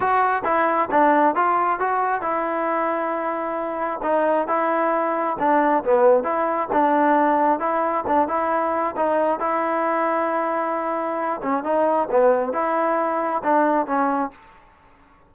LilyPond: \new Staff \with { instrumentName = "trombone" } { \time 4/4 \tempo 4 = 134 fis'4 e'4 d'4 f'4 | fis'4 e'2.~ | e'4 dis'4 e'2 | d'4 b4 e'4 d'4~ |
d'4 e'4 d'8 e'4. | dis'4 e'2.~ | e'4. cis'8 dis'4 b4 | e'2 d'4 cis'4 | }